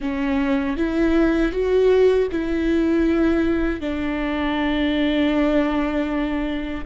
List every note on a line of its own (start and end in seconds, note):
0.00 0.76 C#4
0.76 1.52 E4
1.52 2.28 F#4
2.31 3.80 E4
3.80 6.84 D4